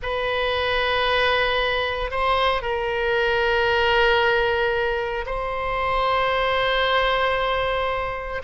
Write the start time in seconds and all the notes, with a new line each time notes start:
0.02 B4
2.11 C5
2.62 A#4
5.26 C5